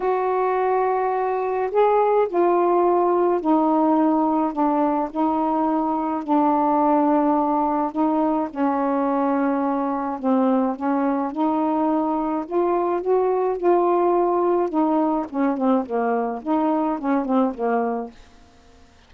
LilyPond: \new Staff \with { instrumentName = "saxophone" } { \time 4/4 \tempo 4 = 106 fis'2. gis'4 | f'2 dis'2 | d'4 dis'2 d'4~ | d'2 dis'4 cis'4~ |
cis'2 c'4 cis'4 | dis'2 f'4 fis'4 | f'2 dis'4 cis'8 c'8 | ais4 dis'4 cis'8 c'8 ais4 | }